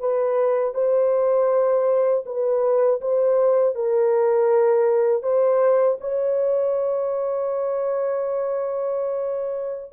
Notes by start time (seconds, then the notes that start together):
0.00 B4
0.75 C5
2.26 B4
3.01 C5
3.75 A#4
5.23 C5
6.01 C#5